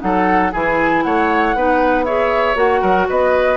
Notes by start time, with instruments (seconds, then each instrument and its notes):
0.00 bassoon F#3, clarinet D#4, oboe A4, flute F#5
0.52 bassoon E3, clarinet E4, oboe G#4, flute G#5
1.03 bassoon A3, oboe C#5, flute F#5
1.55 bassoon B3, clarinet D#4, oboe B4
2.04 clarinet G#4, oboe C#5, flute E5
2.55 bassoon A#3, clarinet F#4, flute F#5
2.81 bassoon F#3, oboe A#4
3.09 bassoon B3, oboe B4, flute D#5